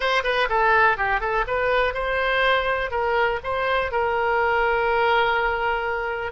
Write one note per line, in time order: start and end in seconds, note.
0.00 0.23 C5
0.23 0.48 B4
0.49 0.97 A4
0.97 1.20 G4
1.20 1.44 A4
1.47 1.94 B4
1.94 2.90 C5
2.90 3.39 A#4
3.43 3.91 C5
3.91 6.32 A#4